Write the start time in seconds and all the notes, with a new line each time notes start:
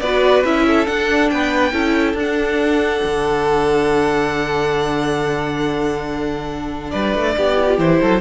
0.00 B3 F#4 B4 D5
0.43 C#4 E4 E5
0.67 A4
0.86 D4 F#5
1.29 B3 B4 G5
1.72 C#4 E4 A4
2.13 D4 F#5
3.04 D3
6.90 G3 B4 D5
7.14 A3
7.36 B3 G4
7.55 E4
7.67 F4
7.77 E3 E4 C5
8.01 F#3 A4